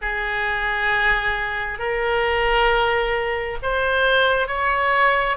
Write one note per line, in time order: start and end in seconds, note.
0.01 1.79 G#4
1.79 3.58 A#4
3.62 4.47 C5
4.47 5.36 C#5